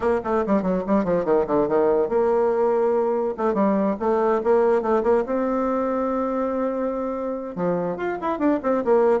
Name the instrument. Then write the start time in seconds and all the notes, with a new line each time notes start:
bassoon
0.00 A#3
0.24 A3
0.46 G3
0.62 F#3
0.87 G3
1.04 F3
1.24 D#3
1.46 D3
1.68 D#3
2.08 A#3
3.37 A3
3.54 G3
3.99 A3
4.43 A#3
4.82 A3
5.03 A#3
5.26 C4
7.55 F3
7.96 F4
8.21 E4
8.38 D4
8.62 C4
8.84 A#3